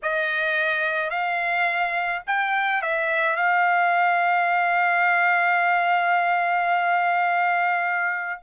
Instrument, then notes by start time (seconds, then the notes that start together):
trumpet
0.02 D#5
1.10 F5
2.27 G5
2.82 E5
3.36 F5